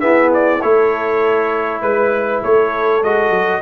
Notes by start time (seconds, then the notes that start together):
0.00 B3 E4 G#4 E5
0.34 D5
0.62 A3 E4 A4 C#5
1.81 G#3 B4
2.43 A3 A4 C#5
3.02 G#3 F#4 D#5
3.30 F#3